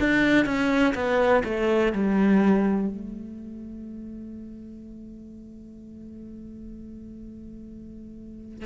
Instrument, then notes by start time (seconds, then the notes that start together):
cello
0.00 D4
0.45 C#4
0.94 B3
1.44 A3
1.93 G3
2.88 A3